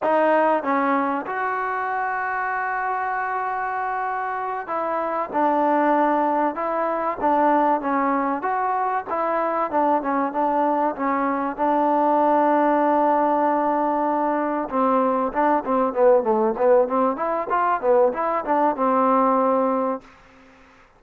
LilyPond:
\new Staff \with { instrumentName = "trombone" } { \time 4/4 \tempo 4 = 96 dis'4 cis'4 fis'2~ | fis'2.~ fis'8 e'8~ | e'8 d'2 e'4 d'8~ | d'8 cis'4 fis'4 e'4 d'8 |
cis'8 d'4 cis'4 d'4.~ | d'2.~ d'8 c'8~ | c'8 d'8 c'8 b8 a8 b8 c'8 e'8 | f'8 b8 e'8 d'8 c'2 | }